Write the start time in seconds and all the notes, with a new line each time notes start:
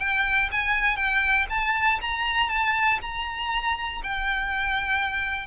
0.00 G5
0.52 G#5
0.97 G5
1.50 A5
2.02 A#5
2.50 A5
3.02 A#5
4.04 G5